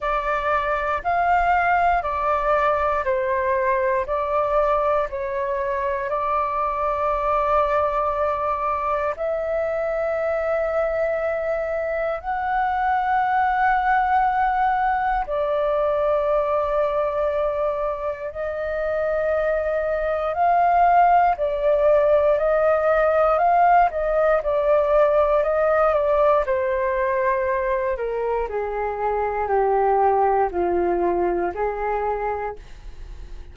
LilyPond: \new Staff \with { instrumentName = "flute" } { \time 4/4 \tempo 4 = 59 d''4 f''4 d''4 c''4 | d''4 cis''4 d''2~ | d''4 e''2. | fis''2. d''4~ |
d''2 dis''2 | f''4 d''4 dis''4 f''8 dis''8 | d''4 dis''8 d''8 c''4. ais'8 | gis'4 g'4 f'4 gis'4 | }